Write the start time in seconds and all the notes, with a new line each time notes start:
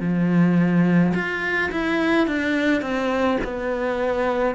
0.00 F3
1.14 F4
1.71 E4
2.27 D4
2.81 C4
3.44 B3